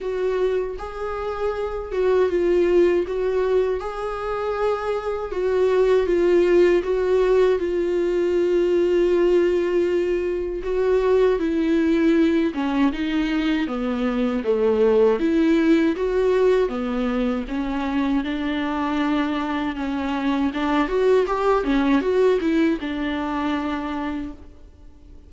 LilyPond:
\new Staff \with { instrumentName = "viola" } { \time 4/4 \tempo 4 = 79 fis'4 gis'4. fis'8 f'4 | fis'4 gis'2 fis'4 | f'4 fis'4 f'2~ | f'2 fis'4 e'4~ |
e'8 cis'8 dis'4 b4 a4 | e'4 fis'4 b4 cis'4 | d'2 cis'4 d'8 fis'8 | g'8 cis'8 fis'8 e'8 d'2 | }